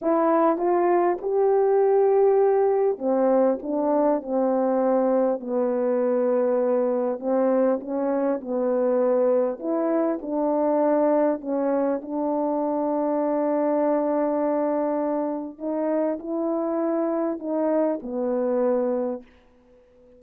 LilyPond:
\new Staff \with { instrumentName = "horn" } { \time 4/4 \tempo 4 = 100 e'4 f'4 g'2~ | g'4 c'4 d'4 c'4~ | c'4 b2. | c'4 cis'4 b2 |
e'4 d'2 cis'4 | d'1~ | d'2 dis'4 e'4~ | e'4 dis'4 b2 | }